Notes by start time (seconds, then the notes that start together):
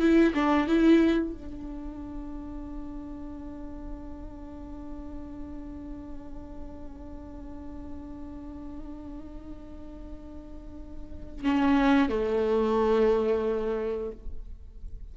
0.00 E4
0.35 D4
0.68 E4
1.34 D4
11.45 C#4
12.09 A3